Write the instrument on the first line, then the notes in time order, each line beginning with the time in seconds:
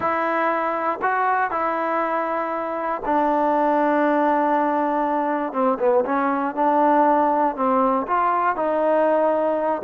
trombone
0.00 E4
1.02 F#4
1.50 E4
3.05 D4
5.52 C4
5.79 B3
6.05 C#4
6.55 D4
7.56 C4
8.07 F4
8.56 D#4